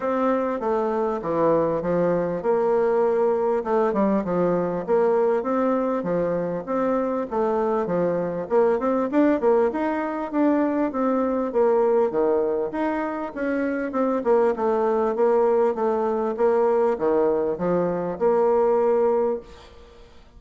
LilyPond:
\new Staff \with { instrumentName = "bassoon" } { \time 4/4 \tempo 4 = 99 c'4 a4 e4 f4 | ais2 a8 g8 f4 | ais4 c'4 f4 c'4 | a4 f4 ais8 c'8 d'8 ais8 |
dis'4 d'4 c'4 ais4 | dis4 dis'4 cis'4 c'8 ais8 | a4 ais4 a4 ais4 | dis4 f4 ais2 | }